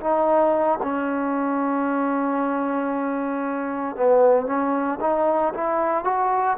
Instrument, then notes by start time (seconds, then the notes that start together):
trombone
0.00 D#4
0.83 C#4
3.96 B3
4.46 C#4
5.00 D#4
5.54 E4
6.04 F#4